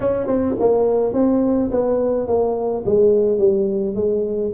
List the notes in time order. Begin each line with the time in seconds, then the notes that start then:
0.00 C#4
0.27 C4
0.59 A#3
1.13 C4
1.71 B3
2.27 A#3
2.85 G#3
3.38 G3
3.95 G#3